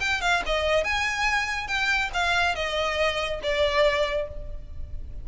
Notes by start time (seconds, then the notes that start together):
0.00 G5
0.21 F5
0.46 D#5
0.84 G#5
1.68 G5
2.14 F5
2.55 D#5
3.43 D5